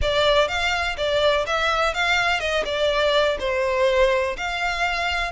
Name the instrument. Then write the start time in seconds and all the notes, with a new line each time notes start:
violin
0.01 D5
0.48 F5
0.97 D5
1.46 E5
1.94 F5
2.40 D#5
2.65 D5
3.39 C5
4.37 F5